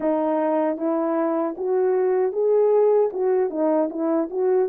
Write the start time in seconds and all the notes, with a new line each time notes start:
0.00 D#4
0.77 E4
1.57 F#4
2.32 G#4
3.12 F#4
3.50 D#4
3.90 E4
4.30 F#4